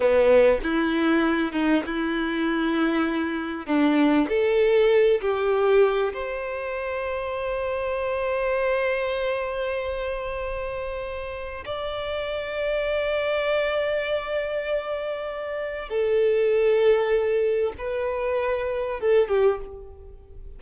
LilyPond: \new Staff \with { instrumentName = "violin" } { \time 4/4 \tempo 4 = 98 b4 e'4. dis'8 e'4~ | e'2 d'4 a'4~ | a'8 g'4. c''2~ | c''1~ |
c''2. d''4~ | d''1~ | d''2 a'2~ | a'4 b'2 a'8 g'8 | }